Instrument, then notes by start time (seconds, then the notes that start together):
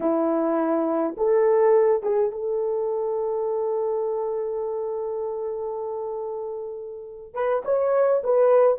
horn
0.00 E4
1.17 A4
2.02 G#4
2.31 A4
7.33 B4
7.64 C#5
8.23 B4